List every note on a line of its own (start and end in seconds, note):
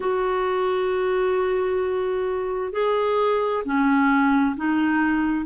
0.00 2.72 F#4
2.72 3.63 G#4
3.64 4.55 C#4
4.56 5.45 D#4